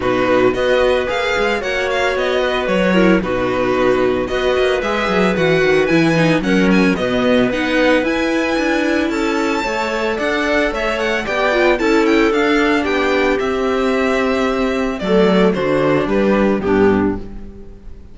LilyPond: <<
  \new Staff \with { instrumentName = "violin" } { \time 4/4 \tempo 4 = 112 b'4 dis''4 f''4 fis''8 f''8 | dis''4 cis''4 b'2 | dis''4 e''4 fis''4 gis''4 | fis''8 gis''8 dis''4 fis''4 gis''4~ |
gis''4 a''2 fis''4 | e''8 fis''8 g''4 a''8 g''8 f''4 | g''4 e''2. | d''4 c''4 b'4 g'4 | }
  \new Staff \with { instrumentName = "clarinet" } { \time 4/4 fis'4 b'2 cis''4~ | cis''8 b'4 ais'8 fis'2 | b'1 | ais'4 b'2.~ |
b'4 a'4 cis''4 d''4 | cis''4 d''4 a'2 | g'1 | a'4 fis'4 g'4 d'4 | }
  \new Staff \with { instrumentName = "viola" } { \time 4/4 dis'4 fis'4 gis'4 fis'4~ | fis'4. e'8 dis'2 | fis'4 gis'4 fis'4 e'8 dis'8 | cis'4 b4 dis'4 e'4~ |
e'2 a'2~ | a'4 g'8 f'8 e'4 d'4~ | d'4 c'2. | a4 d'2 b4 | }
  \new Staff \with { instrumentName = "cello" } { \time 4/4 b,4 b4 ais8 gis8 ais4 | b4 fis4 b,2 | b8 ais8 gis8 fis8 e8 dis8 e4 | fis4 b,4 b4 e'4 |
d'4 cis'4 a4 d'4 | a4 b4 cis'4 d'4 | b4 c'2. | fis4 d4 g4 g,4 | }
>>